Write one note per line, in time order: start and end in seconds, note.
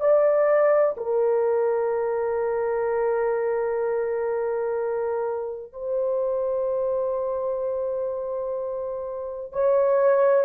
0.00 0.95 D5
0.97 5.73 A#4
5.73 9.52 C5
9.52 10.45 C#5